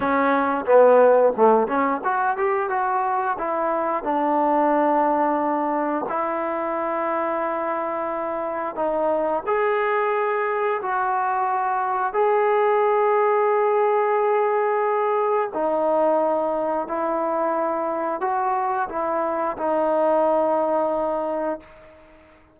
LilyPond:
\new Staff \with { instrumentName = "trombone" } { \time 4/4 \tempo 4 = 89 cis'4 b4 a8 cis'8 fis'8 g'8 | fis'4 e'4 d'2~ | d'4 e'2.~ | e'4 dis'4 gis'2 |
fis'2 gis'2~ | gis'2. dis'4~ | dis'4 e'2 fis'4 | e'4 dis'2. | }